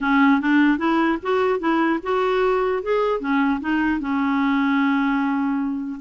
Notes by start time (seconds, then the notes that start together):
0.01 C#4
0.40 D4
0.78 E4
1.22 F#4
1.59 E4
2.03 F#4
2.82 G#4
3.20 C#4
3.60 D#4
3.99 C#4